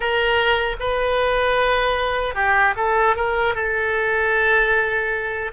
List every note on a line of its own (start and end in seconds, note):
0.00 0.76 A#4
0.79 2.35 B4
2.35 2.74 G4
2.76 3.15 A4
3.16 3.54 A#4
3.54 5.52 A4